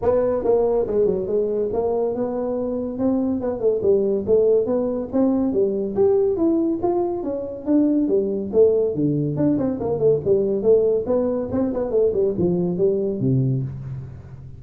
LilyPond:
\new Staff \with { instrumentName = "tuba" } { \time 4/4 \tempo 4 = 141 b4 ais4 gis8 fis8 gis4 | ais4 b2 c'4 | b8 a8 g4 a4 b4 | c'4 g4 g'4 e'4 |
f'4 cis'4 d'4 g4 | a4 d4 d'8 c'8 ais8 a8 | g4 a4 b4 c'8 b8 | a8 g8 f4 g4 c4 | }